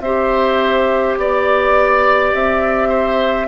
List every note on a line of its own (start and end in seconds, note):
0.00 1.15 C4
0.00 3.47 G4
0.00 1.19 C5
0.00 1.16 E5
1.17 2.32 B3
1.17 2.33 D5
1.17 2.88 D5
2.33 3.47 C4
2.33 3.47 E5
2.88 3.46 C5